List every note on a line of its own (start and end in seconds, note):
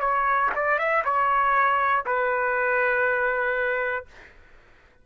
0.00 0.50 C#5
0.55 0.78 D5
0.78 1.03 E5
1.05 2.05 C#5
2.05 4.05 B4